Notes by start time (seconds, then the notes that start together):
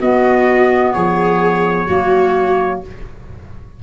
0.00 B3 F#4 D#5
0.93 F3 G#4 C#5
1.87 F#3 A#3 F#4